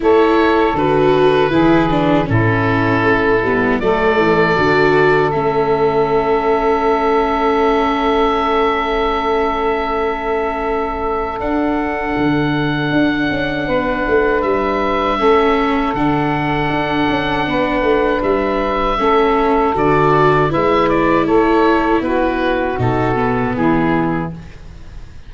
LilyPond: <<
  \new Staff \with { instrumentName = "oboe" } { \time 4/4 \tempo 4 = 79 cis''4 b'2 a'4~ | a'4 d''2 e''4~ | e''1~ | e''2. fis''4~ |
fis''2. e''4~ | e''4 fis''2. | e''2 d''4 e''8 d''8 | cis''4 b'4 a'4 gis'4 | }
  \new Staff \with { instrumentName = "saxophone" } { \time 4/4 a'2 gis'4 e'4~ | e'4 a'2.~ | a'1~ | a'1~ |
a'2 b'2 | a'2. b'4~ | b'4 a'2 b'4 | a'4 fis'2 e'4 | }
  \new Staff \with { instrumentName = "viola" } { \time 4/4 e'4 fis'4 e'8 d'8 cis'4~ | cis'8 b8 a4 fis'4 cis'4~ | cis'1~ | cis'2. d'4~ |
d'1 | cis'4 d'2.~ | d'4 cis'4 fis'4 e'4~ | e'2 dis'8 b4. | }
  \new Staff \with { instrumentName = "tuba" } { \time 4/4 a4 d4 e4 a,4 | a8 g8 fis8 e8 d4 a4~ | a1~ | a2. d'4 |
d4 d'8 cis'8 b8 a8 g4 | a4 d4 d'8 cis'8 b8 a8 | g4 a4 d4 gis4 | a4 b4 b,4 e4 | }
>>